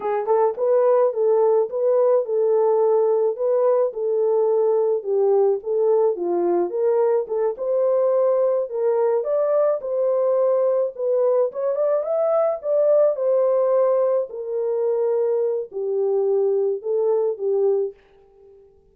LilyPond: \new Staff \with { instrumentName = "horn" } { \time 4/4 \tempo 4 = 107 gis'8 a'8 b'4 a'4 b'4 | a'2 b'4 a'4~ | a'4 g'4 a'4 f'4 | ais'4 a'8 c''2 ais'8~ |
ais'8 d''4 c''2 b'8~ | b'8 cis''8 d''8 e''4 d''4 c''8~ | c''4. ais'2~ ais'8 | g'2 a'4 g'4 | }